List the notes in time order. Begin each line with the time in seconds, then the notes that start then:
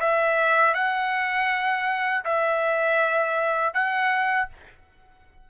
0.00 E5
0.74 F#5
2.25 E5
3.74 F#5